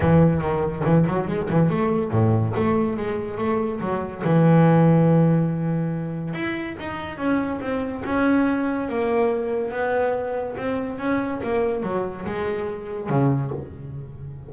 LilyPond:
\new Staff \with { instrumentName = "double bass" } { \time 4/4 \tempo 4 = 142 e4 dis4 e8 fis8 gis8 e8 | a4 a,4 a4 gis4 | a4 fis4 e2~ | e2. e'4 |
dis'4 cis'4 c'4 cis'4~ | cis'4 ais2 b4~ | b4 c'4 cis'4 ais4 | fis4 gis2 cis4 | }